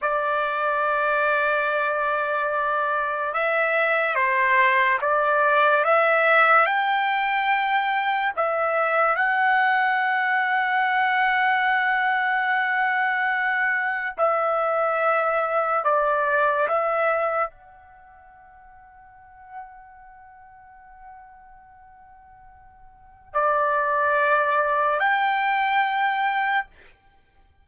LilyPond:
\new Staff \with { instrumentName = "trumpet" } { \time 4/4 \tempo 4 = 72 d''1 | e''4 c''4 d''4 e''4 | g''2 e''4 fis''4~ | fis''1~ |
fis''4 e''2 d''4 | e''4 fis''2.~ | fis''1 | d''2 g''2 | }